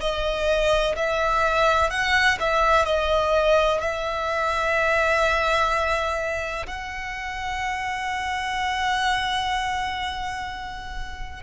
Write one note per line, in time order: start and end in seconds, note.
0.00 0.95 D#5
0.96 1.90 E5
1.90 2.38 F#5
2.40 2.86 E5
2.86 3.81 D#5
3.81 6.66 E5
6.67 11.42 F#5